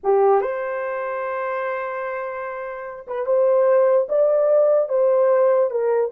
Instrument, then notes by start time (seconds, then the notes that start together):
horn
0.03 G4
0.41 C5
3.07 B4
3.26 C5
4.09 D5
4.88 C5
5.70 A#4